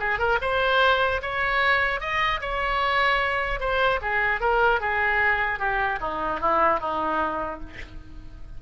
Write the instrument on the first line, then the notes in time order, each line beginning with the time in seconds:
oboe
0.00 G#4
0.19 A#4
0.42 C5
1.23 C#5
2.01 D#5
2.41 C#5
3.60 C5
4.02 G#4
4.41 A#4
4.81 G#4
5.60 G4
6.01 D#4
6.41 E4
6.80 D#4